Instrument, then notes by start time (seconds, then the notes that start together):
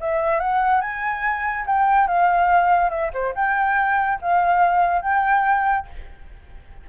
flute
0.00 E5
0.40 F#5
0.81 G#5
1.66 G5
2.07 F5
2.90 E5
3.14 C5
3.35 G5
4.22 F5
5.02 G5